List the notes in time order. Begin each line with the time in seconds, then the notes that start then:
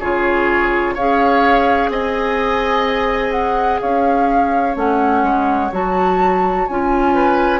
0.00 C#3 F4 G#4 C#5
0.95 C#4 G#4 C#5 F5
1.89 C4 D#5 G#5
3.32 F#5
3.81 C#4 C#5 F5
4.75 A3 C#4 F#5
5.23 G#3
5.72 F#3 F#4 A5
6.68 C#4 F4 G#5
7.15 B4